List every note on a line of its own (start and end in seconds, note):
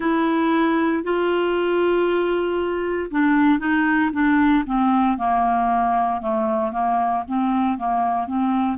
0.00 1.03 E4
1.03 3.10 F4
3.10 3.59 D4
3.59 4.11 D#4
4.12 4.64 D4
4.66 5.17 C4
5.17 6.21 A#3
6.21 6.72 A3
6.72 7.24 A#3
7.27 7.78 C4
7.78 8.27 A#3
8.27 8.77 C4